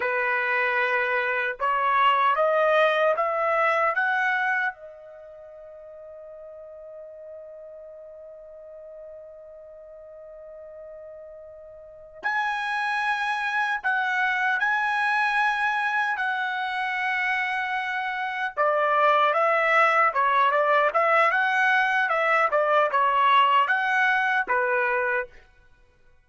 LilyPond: \new Staff \with { instrumentName = "trumpet" } { \time 4/4 \tempo 4 = 76 b'2 cis''4 dis''4 | e''4 fis''4 dis''2~ | dis''1~ | dis''2.~ dis''8 gis''8~ |
gis''4. fis''4 gis''4.~ | gis''8 fis''2. d''8~ | d''8 e''4 cis''8 d''8 e''8 fis''4 | e''8 d''8 cis''4 fis''4 b'4 | }